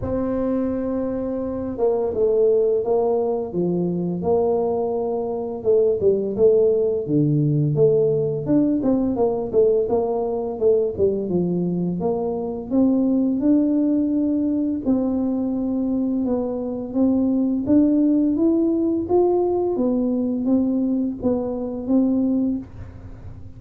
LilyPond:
\new Staff \with { instrumentName = "tuba" } { \time 4/4 \tempo 4 = 85 c'2~ c'8 ais8 a4 | ais4 f4 ais2 | a8 g8 a4 d4 a4 | d'8 c'8 ais8 a8 ais4 a8 g8 |
f4 ais4 c'4 d'4~ | d'4 c'2 b4 | c'4 d'4 e'4 f'4 | b4 c'4 b4 c'4 | }